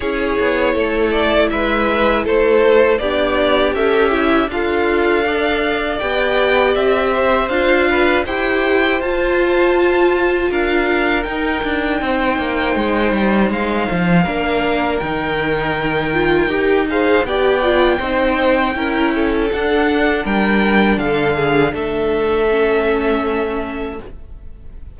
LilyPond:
<<
  \new Staff \with { instrumentName = "violin" } { \time 4/4 \tempo 4 = 80 cis''4. d''8 e''4 c''4 | d''4 e''4 f''2 | g''4 e''4 f''4 g''4 | a''2 f''4 g''4~ |
g''2 f''2 | g''2~ g''8 f''8 g''4~ | g''2 fis''4 g''4 | f''4 e''2. | }
  \new Staff \with { instrumentName = "violin" } { \time 4/4 gis'4 a'4 b'4 a'4 | g'2 f'4 d''4~ | d''4. c''4 b'8 c''4~ | c''2 ais'2 |
c''2. ais'4~ | ais'2~ ais'8 c''8 d''4 | c''4 ais'8 a'4. ais'4 | a'8 gis'8 a'2. | }
  \new Staff \with { instrumentName = "viola" } { \time 4/4 e'1 | d'4 a'8 e'8 a'2 | g'2 f'4 g'4 | f'2. dis'4~ |
dis'2. d'4 | dis'4. f'8 g'8 gis'8 g'8 f'8 | dis'4 e'4 d'2~ | d'2 cis'2 | }
  \new Staff \with { instrumentName = "cello" } { \time 4/4 cis'8 b8 a4 gis4 a4 | b4 cis'4 d'2 | b4 c'4 d'4 e'4 | f'2 d'4 dis'8 d'8 |
c'8 ais8 gis8 g8 gis8 f8 ais4 | dis2 dis'4 b4 | c'4 cis'4 d'4 g4 | d4 a2. | }
>>